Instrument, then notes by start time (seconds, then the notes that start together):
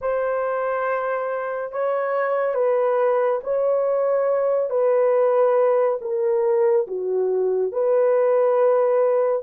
horn
0.01 C5
1.71 C#5
2.54 B4
3.43 C#5
4.69 B4
6.01 A#4
6.87 F#4
7.71 B4